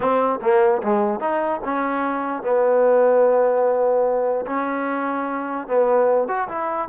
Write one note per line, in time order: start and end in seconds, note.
0.00 0.39 C4
0.41 0.82 A#3
0.82 1.20 G#3
1.20 1.60 D#4
1.64 2.42 C#4
2.42 4.45 B3
4.46 5.67 C#4
5.67 6.27 B3
6.27 6.48 F#4
6.48 6.88 E4